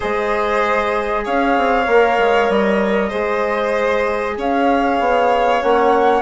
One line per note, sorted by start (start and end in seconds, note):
0.00 1.27 G#3
0.00 1.86 G#4
0.00 1.23 C5
0.00 1.26 D#5
1.24 1.57 C#4
1.24 3.09 C#5
1.24 2.50 F5
1.57 1.86 C4
1.86 2.18 A#3
1.86 3.11 A#4
2.18 2.49 G#3
2.49 3.11 G3
2.49 4.37 D#5
3.09 4.37 G#3
3.09 5.61 G#4
3.09 4.34 C5
4.37 4.99 C#4
4.37 6.22 C#5
4.37 5.62 F5
4.99 5.62 B3
5.61 6.22 A#3
5.61 6.22 C#4
5.61 6.22 F#5